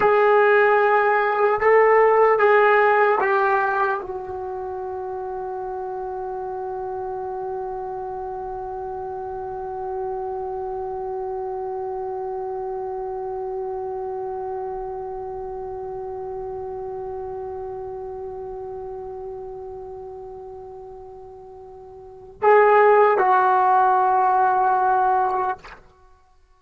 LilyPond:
\new Staff \with { instrumentName = "trombone" } { \time 4/4 \tempo 4 = 75 gis'2 a'4 gis'4 | g'4 fis'2.~ | fis'1~ | fis'1~ |
fis'1~ | fis'1~ | fis'1 | gis'4 fis'2. | }